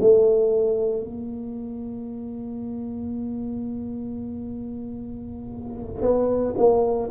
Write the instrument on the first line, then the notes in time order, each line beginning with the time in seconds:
tuba
0.00 A3
1.04 A#3
6.01 B3
6.57 A#3